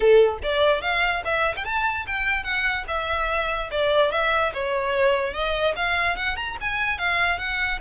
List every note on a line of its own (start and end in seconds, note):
0.00 0.38 A4
0.42 0.81 D5
0.81 1.22 F5
1.24 1.55 E5
1.56 1.65 G5
1.65 2.06 A5
2.06 2.43 G5
2.43 2.84 F#5
2.87 3.69 E5
3.71 4.11 D5
4.11 4.52 E5
4.53 5.33 C#5
5.33 5.74 D#5
5.76 6.16 F5
6.16 6.36 F#5
6.36 6.57 A#5
6.60 6.98 G#5
6.98 7.38 F5
7.38 7.79 F#5